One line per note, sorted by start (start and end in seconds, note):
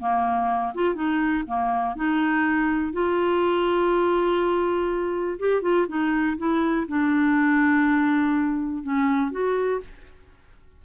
0.00 0.74 A#3
0.75 0.95 F4
0.95 1.44 D#4
1.47 1.96 A#3
1.96 2.93 D#4
2.93 5.39 F4
5.40 5.63 G4
5.63 5.87 F4
5.89 6.38 D#4
6.38 6.87 E4
6.89 8.84 D4
8.84 9.32 C#4
9.32 9.81 F#4